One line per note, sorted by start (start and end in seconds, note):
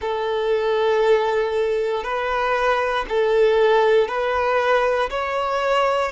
0.00 2.03 A4
2.03 3.05 B4
3.08 4.07 A4
4.07 5.09 B4
5.10 6.12 C#5